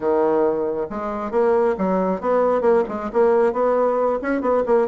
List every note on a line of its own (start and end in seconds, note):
0.00 0.86 D#3
0.90 1.31 G#3
1.31 1.75 A#3
1.78 2.20 F#3
2.20 2.61 B3
2.61 2.83 A#3
2.88 3.10 G#3
3.13 3.53 A#3
3.53 4.19 B3
4.21 4.41 C#4
4.41 4.63 B3
4.66 4.87 A#3